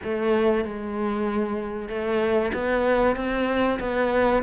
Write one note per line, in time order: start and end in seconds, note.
0.03 0.64 A3
0.64 1.89 G#3
1.89 2.52 A3
2.53 3.16 B3
3.16 3.79 C4
3.79 4.42 B3